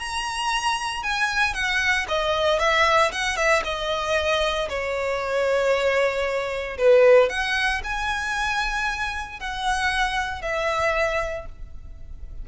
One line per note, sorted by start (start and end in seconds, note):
0.00 1.03 A#5
1.03 1.54 G#5
1.54 2.07 F#5
2.09 2.59 D#5
2.59 3.12 E5
3.12 3.37 F#5
3.37 3.63 E5
3.65 4.69 D#5
4.69 6.78 C#5
6.78 7.30 B4
7.30 7.82 F#5
7.84 9.40 G#5
9.40 10.42 F#5
10.42 11.46 E5